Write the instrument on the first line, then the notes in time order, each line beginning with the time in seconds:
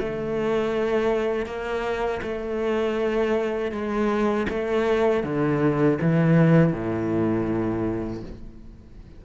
cello
0.00 A3
1.46 A#3
2.23 A3
3.72 G#3
4.49 A3
5.24 D3
6.01 E3
6.73 A2